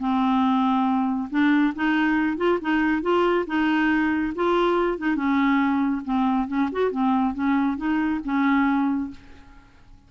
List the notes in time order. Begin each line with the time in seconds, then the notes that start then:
0.00 C4
1.31 D4
1.75 D#4
2.38 F4
2.62 D#4
3.02 F4
3.47 D#4
4.35 F4
4.99 D#4
5.16 C#4
6.05 C4
6.48 C#4
6.72 F#4
6.92 C4
7.34 C#4
7.78 D#4
8.25 C#4